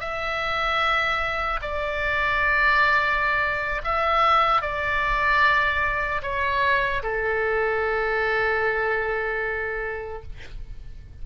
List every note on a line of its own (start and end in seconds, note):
0.00 1.60 E5
1.61 3.81 D5
3.84 4.61 E5
4.61 6.21 D5
6.22 7.02 C#5
7.03 10.23 A4